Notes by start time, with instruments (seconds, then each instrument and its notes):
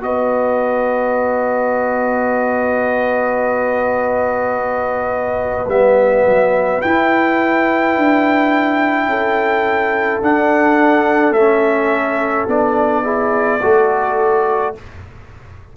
0.00 tuba B3, trombone F#4, horn B4, trumpet D#5
5.67 tuba G3, trombone B3, trumpet E5
6.25 tuba F#3
6.81 trombone E4, tuba E4, trumpet G5
7.96 tuba D4
9.06 tuba C#4, horn A4
10.21 tuba D4, trombone D4, trumpet F#5
11.31 tuba A3, trombone C#4, trumpet E5
12.47 tuba B3, trombone D4, trumpet D5
13.03 trombone E4, horn G#4
13.62 tuba A3, trombone F#4, horn A4